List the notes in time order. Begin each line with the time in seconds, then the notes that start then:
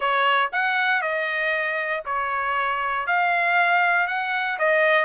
0.00 C#5
0.52 F#5
1.01 D#5
2.05 C#5
3.06 F5
4.07 F#5
4.58 D#5